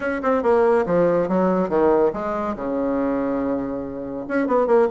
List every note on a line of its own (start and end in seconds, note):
0.00 0.21 C#4
0.22 0.42 C4
0.42 0.85 A#3
0.85 1.28 F3
1.28 1.69 F#3
1.69 2.11 D#3
2.13 2.55 G#3
2.55 4.26 C#3
4.27 4.47 C#4
4.47 4.67 B3
4.67 4.88 A#3